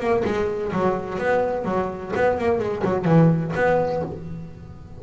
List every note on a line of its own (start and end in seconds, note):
0.00 0.24 A#3
0.25 0.72 G#3
0.73 1.18 F#3
1.18 1.65 B3
1.65 2.12 F#3
2.16 2.39 B3
2.39 2.59 A#3
2.59 2.83 G#3
2.84 3.05 F#3
3.05 3.52 E3
3.55 4.03 B3